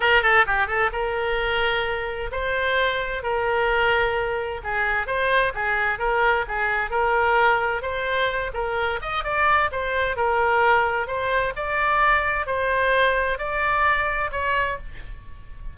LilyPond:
\new Staff \with { instrumentName = "oboe" } { \time 4/4 \tempo 4 = 130 ais'8 a'8 g'8 a'8 ais'2~ | ais'4 c''2 ais'4~ | ais'2 gis'4 c''4 | gis'4 ais'4 gis'4 ais'4~ |
ais'4 c''4. ais'4 dis''8 | d''4 c''4 ais'2 | c''4 d''2 c''4~ | c''4 d''2 cis''4 | }